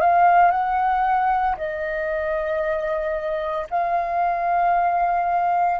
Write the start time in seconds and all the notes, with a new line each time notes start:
0.00 F5
0.51 F#5
1.57 D#5
3.70 F5